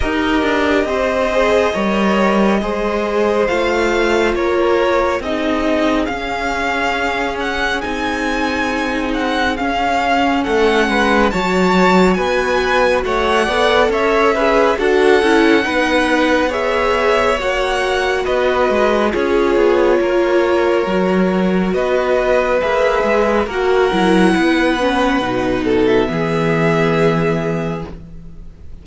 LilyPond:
<<
  \new Staff \with { instrumentName = "violin" } { \time 4/4 \tempo 4 = 69 dis''1 | f''4 cis''4 dis''4 f''4~ | f''8 fis''8 gis''4. fis''8 f''4 | fis''4 a''4 gis''4 fis''4 |
e''4 fis''2 e''4 | fis''4 dis''4 cis''2~ | cis''4 dis''4 e''4 fis''4~ | fis''4.~ fis''16 e''2~ e''16 | }
  \new Staff \with { instrumentName = "violin" } { \time 4/4 ais'4 c''4 cis''4 c''4~ | c''4 ais'4 gis'2~ | gis'1 | a'8 b'8 cis''4 b'4 cis''8 d''8 |
cis''8 b'8 a'4 b'4 cis''4~ | cis''4 b'4 gis'4 ais'4~ | ais'4 b'2 ais'4 | b'4. a'8 gis'2 | }
  \new Staff \with { instrumentName = "viola" } { \time 4/4 g'4. gis'8 ais'4 gis'4 | f'2 dis'4 cis'4~ | cis'4 dis'2 cis'4~ | cis'4 fis'2~ fis'8 a'8~ |
a'8 gis'8 fis'8 e'8 dis'4 gis'4 | fis'2 f'2 | fis'2 gis'4 fis'8 e'8~ | e'8 cis'8 dis'4 b2 | }
  \new Staff \with { instrumentName = "cello" } { \time 4/4 dis'8 d'8 c'4 g4 gis4 | a4 ais4 c'4 cis'4~ | cis'4 c'2 cis'4 | a8 gis8 fis4 b4 a8 b8 |
cis'4 d'8 cis'8 b2 | ais4 b8 gis8 cis'8 b8 ais4 | fis4 b4 ais8 gis8 ais8 fis8 | b4 b,4 e2 | }
>>